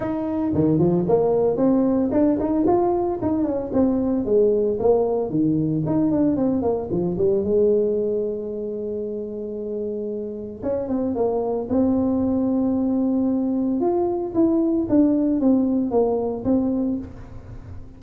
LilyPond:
\new Staff \with { instrumentName = "tuba" } { \time 4/4 \tempo 4 = 113 dis'4 dis8 f8 ais4 c'4 | d'8 dis'8 f'4 dis'8 cis'8 c'4 | gis4 ais4 dis4 dis'8 d'8 | c'8 ais8 f8 g8 gis2~ |
gis1 | cis'8 c'8 ais4 c'2~ | c'2 f'4 e'4 | d'4 c'4 ais4 c'4 | }